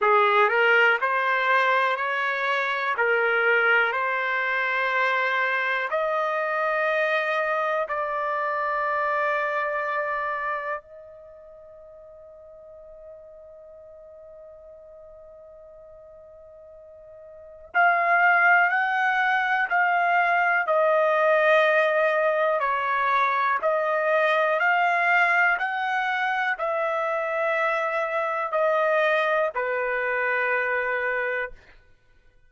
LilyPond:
\new Staff \with { instrumentName = "trumpet" } { \time 4/4 \tempo 4 = 61 gis'8 ais'8 c''4 cis''4 ais'4 | c''2 dis''2 | d''2. dis''4~ | dis''1~ |
dis''2 f''4 fis''4 | f''4 dis''2 cis''4 | dis''4 f''4 fis''4 e''4~ | e''4 dis''4 b'2 | }